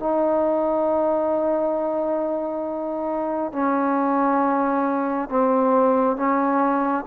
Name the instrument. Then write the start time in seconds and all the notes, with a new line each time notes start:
trombone
0.00 D#4
3.53 C#4
5.29 C4
6.16 C#4